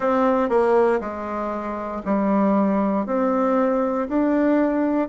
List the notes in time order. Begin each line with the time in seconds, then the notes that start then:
0.00 C4
0.49 A#3
1.00 G#3
2.05 G3
3.06 C4
4.08 D4